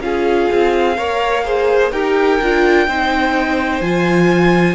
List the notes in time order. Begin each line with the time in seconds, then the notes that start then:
0.00 C#4 F4 G#4 F5
0.53 C4
0.97 A#3 A#4 C#5
1.45 G#4 C5
1.92 D#4 G4 A#4 G5
2.41 D4 F4
2.88 C4 D#4 C5
3.81 F3 F4 G#5